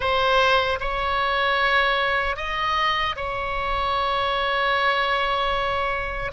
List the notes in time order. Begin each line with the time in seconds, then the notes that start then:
0.00 C5
0.80 C#5
2.36 D#5
3.15 C#5